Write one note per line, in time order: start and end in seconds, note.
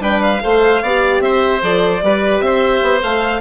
0.00 0.40 G3
0.00 0.40 D4
0.00 0.42 B4
0.00 0.22 G5
0.22 1.21 F5
0.41 0.82 A3
0.41 0.81 A4
0.41 0.82 C5
0.82 1.20 B3
0.82 1.62 G4
0.82 1.22 D5
1.20 1.60 C4
1.20 2.04 C5
1.20 1.61 E5
1.62 2.02 F3
1.62 2.02 A4
1.62 2.41 D5
2.02 2.41 G3
2.02 3.01 G4
2.02 2.44 B4
2.41 2.81 C4
2.41 3.41 C5
2.41 3.01 E5
2.82 3.02 B3
3.01 3.41 A3
3.01 3.41 A4
3.01 3.41 F5